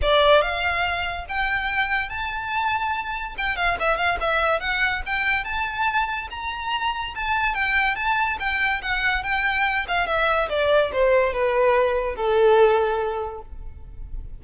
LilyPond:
\new Staff \with { instrumentName = "violin" } { \time 4/4 \tempo 4 = 143 d''4 f''2 g''4~ | g''4 a''2. | g''8 f''8 e''8 f''8 e''4 fis''4 | g''4 a''2 ais''4~ |
ais''4 a''4 g''4 a''4 | g''4 fis''4 g''4. f''8 | e''4 d''4 c''4 b'4~ | b'4 a'2. | }